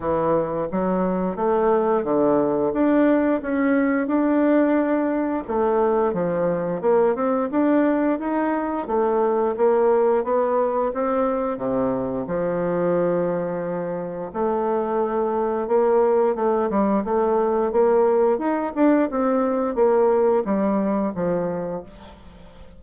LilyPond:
\new Staff \with { instrumentName = "bassoon" } { \time 4/4 \tempo 4 = 88 e4 fis4 a4 d4 | d'4 cis'4 d'2 | a4 f4 ais8 c'8 d'4 | dis'4 a4 ais4 b4 |
c'4 c4 f2~ | f4 a2 ais4 | a8 g8 a4 ais4 dis'8 d'8 | c'4 ais4 g4 f4 | }